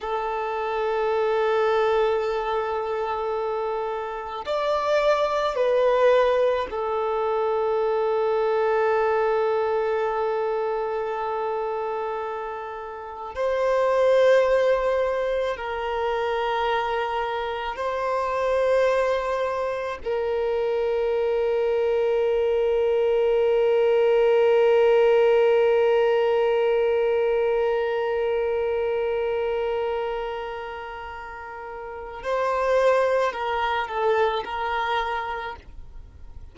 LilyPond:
\new Staff \with { instrumentName = "violin" } { \time 4/4 \tempo 4 = 54 a'1 | d''4 b'4 a'2~ | a'1 | c''2 ais'2 |
c''2 ais'2~ | ais'1~ | ais'1~ | ais'4 c''4 ais'8 a'8 ais'4 | }